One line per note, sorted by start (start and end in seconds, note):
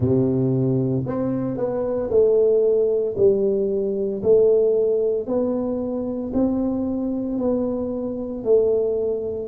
0.00 1.04 C3
1.06 1.57 C4
1.57 2.10 B3
2.10 3.15 A3
3.17 4.22 G3
4.22 5.26 A3
5.26 6.32 B3
6.33 7.38 C4
7.38 8.44 B3
8.44 9.48 A3